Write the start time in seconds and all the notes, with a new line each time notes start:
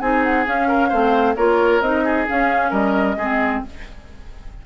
0.00 C4 D#4 G#4 G#5
0.23 F#5
0.45 C#4 F5
0.68 A#4
0.88 A3 C4 C5
1.36 A#3 F4 A#4 C#5
1.81 C4 D#4 D#5
2.04 G#4
2.27 C#4 F5
2.70 G3 A#4 D#5
3.16 G#3 C4 G#4